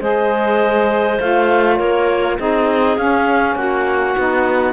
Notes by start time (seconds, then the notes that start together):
0.00 G#3 G#4 C5 D#5
1.19 A3 F4 F5
1.76 A#3 A#4 C#5
2.38 C4 D#4 G#4 D#5
2.97 C#4 F5
3.55 A#3 F#4 F#5
4.16 B3 D#4